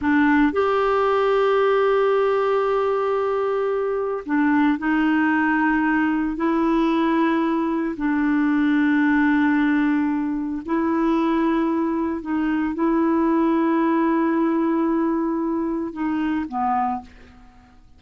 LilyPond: \new Staff \with { instrumentName = "clarinet" } { \time 4/4 \tempo 4 = 113 d'4 g'2.~ | g'1 | d'4 dis'2. | e'2. d'4~ |
d'1 | e'2. dis'4 | e'1~ | e'2 dis'4 b4 | }